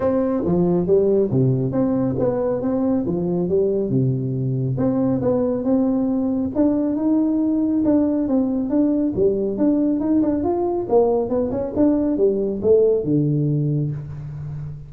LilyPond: \new Staff \with { instrumentName = "tuba" } { \time 4/4 \tempo 4 = 138 c'4 f4 g4 c4 | c'4 b4 c'4 f4 | g4 c2 c'4 | b4 c'2 d'4 |
dis'2 d'4 c'4 | d'4 g4 d'4 dis'8 d'8 | f'4 ais4 b8 cis'8 d'4 | g4 a4 d2 | }